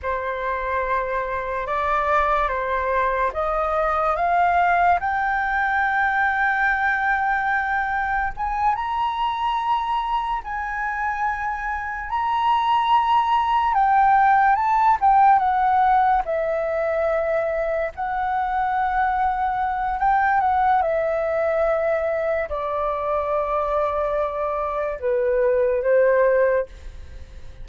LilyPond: \new Staff \with { instrumentName = "flute" } { \time 4/4 \tempo 4 = 72 c''2 d''4 c''4 | dis''4 f''4 g''2~ | g''2 gis''8 ais''4.~ | ais''8 gis''2 ais''4.~ |
ais''8 g''4 a''8 g''8 fis''4 e''8~ | e''4. fis''2~ fis''8 | g''8 fis''8 e''2 d''4~ | d''2 b'4 c''4 | }